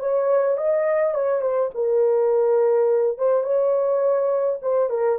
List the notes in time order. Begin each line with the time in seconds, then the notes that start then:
0.00 C#5
0.57 D#5
1.15 C#5
1.42 C5
1.75 A#4
3.18 C5
3.44 C#5
4.62 C5
4.90 A#4